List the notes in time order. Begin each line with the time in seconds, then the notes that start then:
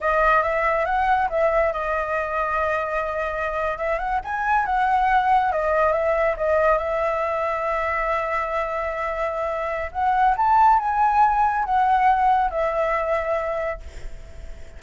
0.01 D#5
0.42 E5
0.85 F#5
1.29 E5
1.73 D#5
3.77 E5
3.98 F#5
4.24 G#5
4.65 F#5
5.51 D#5
5.92 E5
6.37 D#5
6.77 E5
9.92 F#5
10.36 A5
10.78 G#5
11.64 F#5
12.50 E5